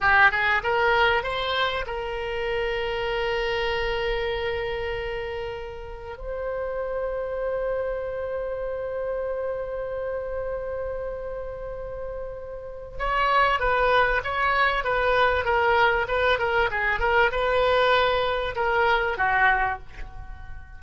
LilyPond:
\new Staff \with { instrumentName = "oboe" } { \time 4/4 \tempo 4 = 97 g'8 gis'8 ais'4 c''4 ais'4~ | ais'1~ | ais'2 c''2~ | c''1~ |
c''1~ | c''4 cis''4 b'4 cis''4 | b'4 ais'4 b'8 ais'8 gis'8 ais'8 | b'2 ais'4 fis'4 | }